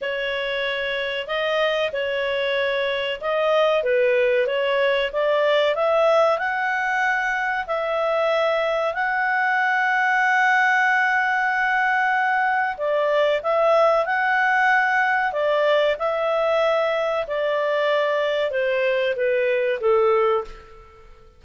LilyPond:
\new Staff \with { instrumentName = "clarinet" } { \time 4/4 \tempo 4 = 94 cis''2 dis''4 cis''4~ | cis''4 dis''4 b'4 cis''4 | d''4 e''4 fis''2 | e''2 fis''2~ |
fis''1 | d''4 e''4 fis''2 | d''4 e''2 d''4~ | d''4 c''4 b'4 a'4 | }